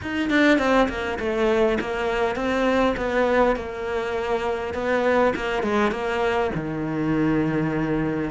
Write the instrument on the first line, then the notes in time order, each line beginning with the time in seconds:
cello
0.02 D#4
0.30 D4
0.58 C4
0.89 A#3
1.19 A3
1.80 A#3
2.35 C4
2.96 B3
3.55 A#3
4.74 B3
5.35 A#3
5.62 G#3
5.91 A#3
6.55 D#3